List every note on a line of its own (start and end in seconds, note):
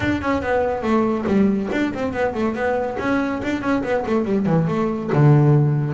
0.00 0.21 D4
0.21 0.42 C#4
0.42 0.82 B3
0.82 1.25 A3
1.26 1.69 G3
1.72 1.93 D4
1.93 2.13 C4
2.13 2.34 B3
2.34 2.54 A3
2.54 2.97 B3
2.99 3.41 C#4
3.43 3.61 D4
3.61 3.82 C#4
3.83 4.04 B3
4.05 4.24 A3
4.24 4.46 G3
4.46 4.67 E3
4.67 5.10 A3
5.12 5.93 D3